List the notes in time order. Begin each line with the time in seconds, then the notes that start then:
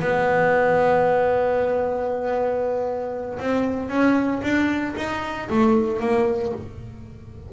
0.00 B3
3.39 C4
3.90 C#4
4.43 D4
4.97 D#4
5.50 A3
6.00 A#3